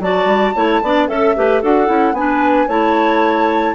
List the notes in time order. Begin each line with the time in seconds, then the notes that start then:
0.00 F#3 F#4 D5 A5
0.25 G3
0.55 A3 E4 C#5
0.82 B3 D4 D5
1.08 C#4 A4 E5
1.36 A3 G4 B4
1.62 D4 F#4 A4 F#5
1.86 C#4 E4
2.13 B3 D4 B4 G#5
2.68 A3 E4 C#5 A5